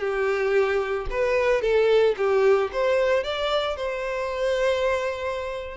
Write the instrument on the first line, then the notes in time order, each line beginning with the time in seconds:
violin
0.00 G4
1.11 B4
1.62 A4
2.17 G4
2.72 C5
3.24 D5
3.76 C5